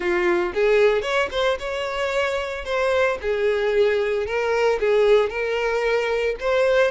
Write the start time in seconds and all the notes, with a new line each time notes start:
0.00 F4
0.54 G#4
1.02 C#5
1.31 C5
1.59 C#5
2.65 C5
3.21 G#4
4.26 A#4
4.79 G#4
5.29 A#4
6.40 C5